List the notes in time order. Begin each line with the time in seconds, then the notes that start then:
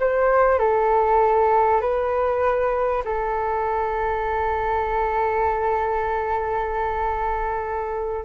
0.00 C5
0.59 A4
1.81 B4
3.05 A4